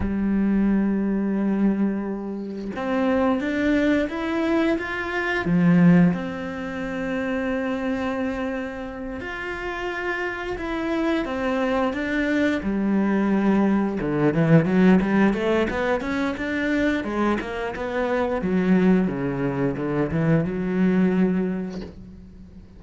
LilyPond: \new Staff \with { instrumentName = "cello" } { \time 4/4 \tempo 4 = 88 g1 | c'4 d'4 e'4 f'4 | f4 c'2.~ | c'4. f'2 e'8~ |
e'8 c'4 d'4 g4.~ | g8 d8 e8 fis8 g8 a8 b8 cis'8 | d'4 gis8 ais8 b4 fis4 | cis4 d8 e8 fis2 | }